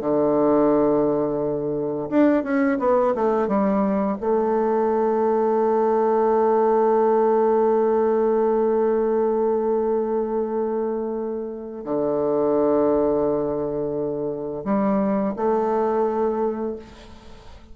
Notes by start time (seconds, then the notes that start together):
0.00 D3
2.10 D4
2.43 C#4
2.79 B3
3.15 A3
3.48 G3
4.20 A3
11.84 D3
14.64 G3
15.36 A3